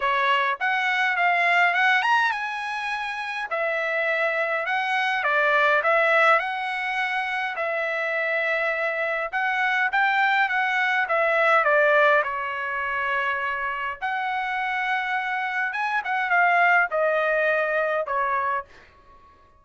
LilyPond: \new Staff \with { instrumentName = "trumpet" } { \time 4/4 \tempo 4 = 103 cis''4 fis''4 f''4 fis''8 ais''8 | gis''2 e''2 | fis''4 d''4 e''4 fis''4~ | fis''4 e''2. |
fis''4 g''4 fis''4 e''4 | d''4 cis''2. | fis''2. gis''8 fis''8 | f''4 dis''2 cis''4 | }